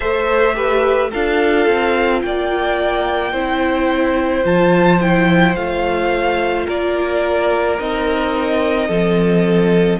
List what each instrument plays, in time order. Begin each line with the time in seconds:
0.00 cello A3, viola A4, violin C5 E5
0.53 viola G4, violin B4
1.10 cello D4, viola F4, violin A4 F5
1.66 cello C4
2.21 cello A#3, violin D5 G5
3.32 cello C4, viola E4, violin C5
4.44 cello F3, viola F4, violin A5
5.00 viola E4, violin G5
5.55 cello A3, viola F4, violin F5
6.66 cello A#3, violin A#4 D5
7.79 cello C4, viola D#4, violin D#5
8.88 cello F3, viola C4, violin A4